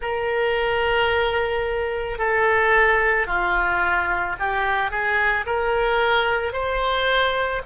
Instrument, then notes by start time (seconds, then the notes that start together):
oboe
0.01 A#4
2.18 A4
3.27 F4
4.39 G4
4.90 G#4
5.45 A#4
6.53 C5